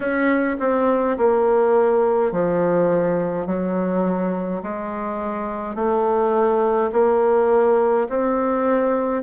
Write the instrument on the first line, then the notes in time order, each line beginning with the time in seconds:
bassoon
0.00 C#4
0.59 C4
1.17 A#3
2.31 F3
3.46 F#3
4.63 G#3
5.75 A3
6.92 A#3
8.09 C4